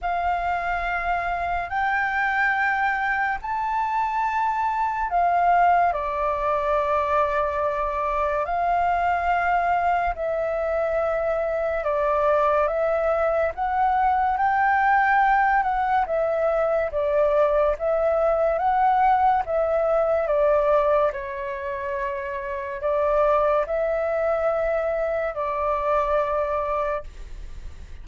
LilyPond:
\new Staff \with { instrumentName = "flute" } { \time 4/4 \tempo 4 = 71 f''2 g''2 | a''2 f''4 d''4~ | d''2 f''2 | e''2 d''4 e''4 |
fis''4 g''4. fis''8 e''4 | d''4 e''4 fis''4 e''4 | d''4 cis''2 d''4 | e''2 d''2 | }